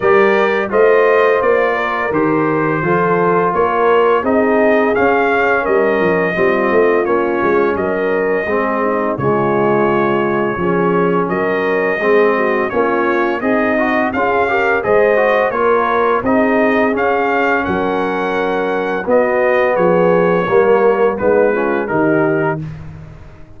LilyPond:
<<
  \new Staff \with { instrumentName = "trumpet" } { \time 4/4 \tempo 4 = 85 d''4 dis''4 d''4 c''4~ | c''4 cis''4 dis''4 f''4 | dis''2 cis''4 dis''4~ | dis''4 cis''2. |
dis''2 cis''4 dis''4 | f''4 dis''4 cis''4 dis''4 | f''4 fis''2 dis''4 | cis''2 b'4 ais'4 | }
  \new Staff \with { instrumentName = "horn" } { \time 4/4 ais'4 c''4. ais'4. | a'4 ais'4 gis'2 | ais'4 f'2 ais'4 | gis'8 dis'8 f'2 gis'4 |
ais'4 gis'8 fis'8 f'4 dis'4 | gis'8 ais'8 c''4 ais'4 gis'4~ | gis'4 ais'2 fis'4 | gis'4 ais'4 dis'8 f'8 g'4 | }
  \new Staff \with { instrumentName = "trombone" } { \time 4/4 g'4 f'2 g'4 | f'2 dis'4 cis'4~ | cis'4 c'4 cis'2 | c'4 gis2 cis'4~ |
cis'4 c'4 cis'4 gis'8 fis'8 | f'8 g'8 gis'8 fis'8 f'4 dis'4 | cis'2. b4~ | b4 ais4 b8 cis'8 dis'4 | }
  \new Staff \with { instrumentName = "tuba" } { \time 4/4 g4 a4 ais4 dis4 | f4 ais4 c'4 cis'4 | g8 f8 g8 a8 ais8 gis8 fis4 | gis4 cis2 f4 |
fis4 gis4 ais4 c'4 | cis'4 gis4 ais4 c'4 | cis'4 fis2 b4 | f4 g4 gis4 dis4 | }
>>